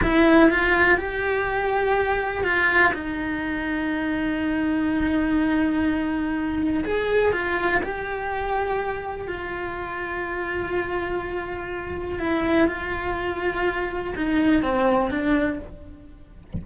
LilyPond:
\new Staff \with { instrumentName = "cello" } { \time 4/4 \tempo 4 = 123 e'4 f'4 g'2~ | g'4 f'4 dis'2~ | dis'1~ | dis'2 gis'4 f'4 |
g'2. f'4~ | f'1~ | f'4 e'4 f'2~ | f'4 dis'4 c'4 d'4 | }